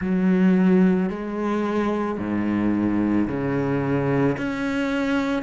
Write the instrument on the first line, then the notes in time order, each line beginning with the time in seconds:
cello
0.01 F#3
1.09 G#3
2.18 G#2
3.27 C#3
4.37 C#4